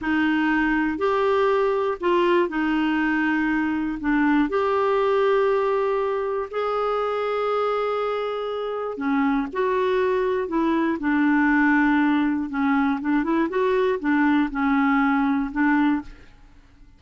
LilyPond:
\new Staff \with { instrumentName = "clarinet" } { \time 4/4 \tempo 4 = 120 dis'2 g'2 | f'4 dis'2. | d'4 g'2.~ | g'4 gis'2.~ |
gis'2 cis'4 fis'4~ | fis'4 e'4 d'2~ | d'4 cis'4 d'8 e'8 fis'4 | d'4 cis'2 d'4 | }